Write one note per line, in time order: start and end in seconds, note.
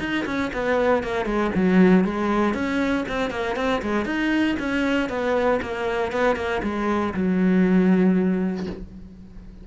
0.00 0.25 D#4
0.26 0.52 C#4
0.53 1.04 B3
1.04 1.26 A#3
1.26 1.51 G#3
1.55 2.05 F#3
2.05 2.54 G#3
2.54 3.05 C#4
3.09 3.31 C4
3.31 3.56 A#3
3.56 3.82 C4
3.82 4.06 G#3
4.06 4.56 D#4
4.59 5.09 C#4
5.09 5.60 B3
5.62 6.12 A#3
6.12 6.36 B3
6.36 6.62 A#3
6.63 7.14 G#3
7.14 8.67 F#3